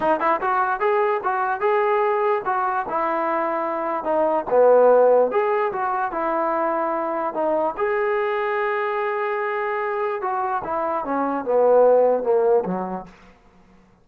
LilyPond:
\new Staff \with { instrumentName = "trombone" } { \time 4/4 \tempo 4 = 147 dis'8 e'8 fis'4 gis'4 fis'4 | gis'2 fis'4 e'4~ | e'2 dis'4 b4~ | b4 gis'4 fis'4 e'4~ |
e'2 dis'4 gis'4~ | gis'1~ | gis'4 fis'4 e'4 cis'4 | b2 ais4 fis4 | }